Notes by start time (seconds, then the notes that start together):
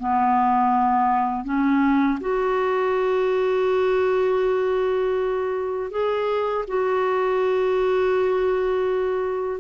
0.00 B3
1.45 C#4
2.21 F#4
5.91 G#4
6.68 F#4